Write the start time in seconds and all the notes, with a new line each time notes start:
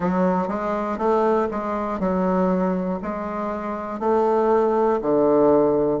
0.00 F#3
0.48 G#3
0.98 A3
1.50 G#3
2.00 F#3
3.02 G#3
4.00 A3
5.01 D3